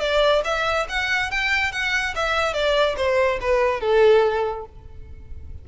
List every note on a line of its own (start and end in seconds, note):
0.00 0.42 D5
0.45 0.87 E5
0.89 1.31 F#5
1.31 1.72 G5
1.72 2.14 F#5
2.15 2.54 E5
2.54 2.96 D5
2.97 3.39 C5
3.41 3.81 B4
3.81 4.65 A4